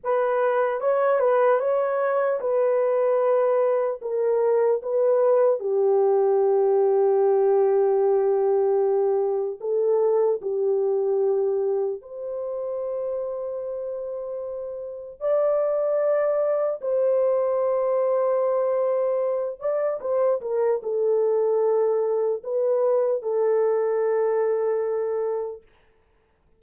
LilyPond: \new Staff \with { instrumentName = "horn" } { \time 4/4 \tempo 4 = 75 b'4 cis''8 b'8 cis''4 b'4~ | b'4 ais'4 b'4 g'4~ | g'1 | a'4 g'2 c''4~ |
c''2. d''4~ | d''4 c''2.~ | c''8 d''8 c''8 ais'8 a'2 | b'4 a'2. | }